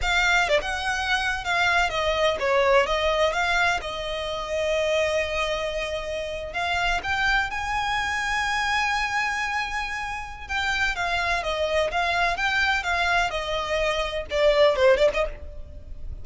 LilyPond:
\new Staff \with { instrumentName = "violin" } { \time 4/4 \tempo 4 = 126 f''4 d''16 fis''4.~ fis''16 f''4 | dis''4 cis''4 dis''4 f''4 | dis''1~ | dis''4.~ dis''16 f''4 g''4 gis''16~ |
gis''1~ | gis''2 g''4 f''4 | dis''4 f''4 g''4 f''4 | dis''2 d''4 c''8 d''16 dis''16 | }